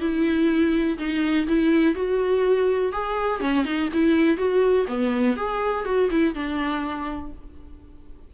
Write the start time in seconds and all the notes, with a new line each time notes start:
0.00 E4
0.98 D#4
1.47 E4
1.95 F#4
2.92 G#4
3.41 C#4
3.65 D#4
3.93 E4
4.37 F#4
4.88 B3
5.37 G#4
5.85 F#4
6.10 E4
6.34 D4